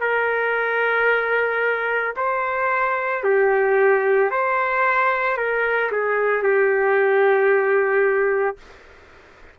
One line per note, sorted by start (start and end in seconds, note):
0.00 2.14 A#4
2.16 3.23 C5
3.23 4.30 G4
4.30 5.37 C5
5.37 5.91 A#4
5.91 6.42 G#4
6.42 8.57 G4